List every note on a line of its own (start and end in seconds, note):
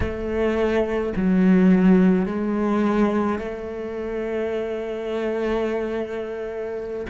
0.00 1.13 A3
1.16 2.25 F#3
2.25 3.38 G#3
3.38 7.06 A3